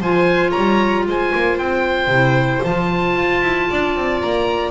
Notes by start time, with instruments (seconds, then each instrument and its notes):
0.00 double bass F3, clarinet F4, violin C5, oboe G#5
0.51 violin C#5, oboe A#5
0.57 double bass G3
1.07 double bass G#3, violin C5, oboe G#5
1.35 double bass A#3
1.59 double bass C4, oboe G5
2.07 double bass C3, clarinet E4
2.64 double bass F3, clarinet F4, oboe A5
3.16 double bass F4
3.42 double bass E4
3.70 double bass D4, violin D5
3.96 double bass C4
4.21 double bass A#3, oboe A#5